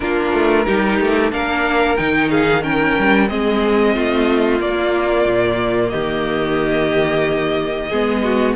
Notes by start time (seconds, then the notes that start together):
0.00 A#3 D4 F4 A#4
0.32 A3
0.65 G3 D#4 G4
1.00 A3
1.31 A#3 D4 A#4 F5
1.96 D#3 D#4 G5
2.30 G#4 F5
2.62 C#4 A#4 G5
2.98 G3
3.28 G#3 C4 G#4 D#5
3.94 A3 F4
4.59 A#3 D5
5.26 A#2
5.89 D#3 G4 D#5
7.89 G#3 B3 G#4
8.23 F#4